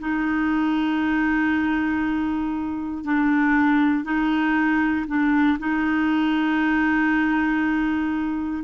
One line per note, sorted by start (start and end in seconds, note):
0.00 3.04 D#4
3.04 4.04 D4
4.04 5.06 D#4
5.08 5.58 D4
5.59 8.64 D#4